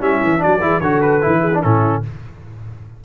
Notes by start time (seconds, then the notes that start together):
0.00 G3 C#4 E4 E5
0.24 E3
0.39 D4 F#4 D5
0.46 F#3
0.61 E3 E4 G#4
0.81 D3 F#4 A4 C#5
1.01 B4
1.21 E3 E4
1.40 G#4
1.54 D4
1.62 A2 C#4 E4 A4